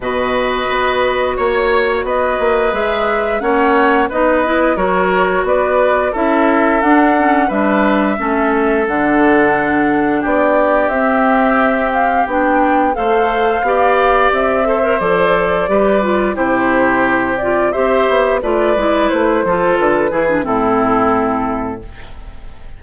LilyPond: <<
  \new Staff \with { instrumentName = "flute" } { \time 4/4 \tempo 4 = 88 dis''2 cis''4 dis''4 | e''4 fis''4 dis''4 cis''4 | d''4 e''4 fis''4 e''4~ | e''4 fis''2 d''4 |
e''4. f''8 g''4 f''4~ | f''4 e''4 d''2 | c''4. d''8 e''4 d''4 | c''4 b'4 a'2 | }
  \new Staff \with { instrumentName = "oboe" } { \time 4/4 b'2 cis''4 b'4~ | b'4 cis''4 b'4 ais'4 | b'4 a'2 b'4 | a'2. g'4~ |
g'2. c''4 | d''4. c''4. b'4 | g'2 c''4 b'4~ | b'8 a'4 gis'8 e'2 | }
  \new Staff \with { instrumentName = "clarinet" } { \time 4/4 fis'1 | gis'4 cis'4 dis'8 e'8 fis'4~ | fis'4 e'4 d'8 cis'8 d'4 | cis'4 d'2. |
c'2 d'4 a'4 | g'4. a'16 ais'16 a'4 g'8 f'8 | e'4. f'8 g'4 f'8 e'8~ | e'8 f'4 e'16 d'16 c'2 | }
  \new Staff \with { instrumentName = "bassoon" } { \time 4/4 b,4 b4 ais4 b8 ais8 | gis4 ais4 b4 fis4 | b4 cis'4 d'4 g4 | a4 d2 b4 |
c'2 b4 a4 | b4 c'4 f4 g4 | c2 c'8 b8 a8 gis8 | a8 f8 d8 e8 a,2 | }
>>